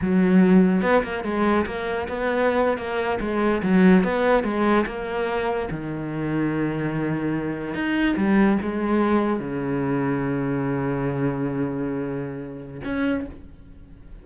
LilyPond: \new Staff \with { instrumentName = "cello" } { \time 4/4 \tempo 4 = 145 fis2 b8 ais8 gis4 | ais4 b4.~ b16 ais4 gis16~ | gis8. fis4 b4 gis4 ais16~ | ais4.~ ais16 dis2~ dis16~ |
dis2~ dis8. dis'4 g16~ | g8. gis2 cis4~ cis16~ | cis1~ | cis2. cis'4 | }